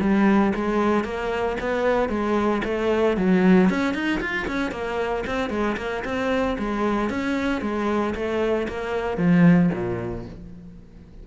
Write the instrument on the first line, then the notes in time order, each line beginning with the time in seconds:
cello
0.00 G3
0.55 G#3
1.04 A#3
1.60 B3
2.09 G#3
2.64 A3
3.17 F#3
3.69 C#4
3.94 D#4
4.20 F4
4.47 C#4
4.71 A#3
5.27 C4
5.50 G#3
5.77 A#3
6.04 C4
6.58 G#3
7.10 C#4
7.61 G#3
8.15 A3
8.68 A#3
9.17 F3
9.73 A#2